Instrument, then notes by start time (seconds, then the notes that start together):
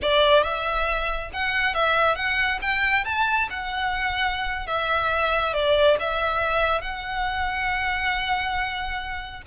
violin
0.02 D5
0.43 E5
1.33 F#5
1.74 E5
2.15 F#5
2.61 G5
3.04 A5
3.49 F#5
4.67 E5
5.53 D5
5.99 E5
6.81 F#5